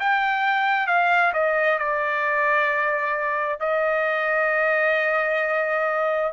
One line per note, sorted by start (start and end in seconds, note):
0.00 0.87 G5
0.87 1.32 F5
1.33 1.79 D#5
1.79 3.60 D5
3.60 6.32 D#5